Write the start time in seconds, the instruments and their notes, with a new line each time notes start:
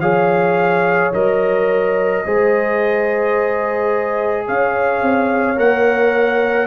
0.00 tuba F3, trombone G#4, horn C#5, trumpet F5
1.14 tuba F#3, trombone A#4, trumpet D#5
2.26 tuba G#3, trombone G#4, horn C5
4.48 tuba C#4, horn C#5, trumpet F5
5.02 tuba C4
5.56 tuba A#3, trombone A#4, trumpet F#5